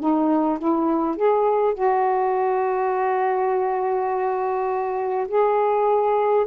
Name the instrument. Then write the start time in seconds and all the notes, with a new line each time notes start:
saxophone
0.00 D#4
0.59 E4
1.17 G#4
1.74 F#4
5.28 G#4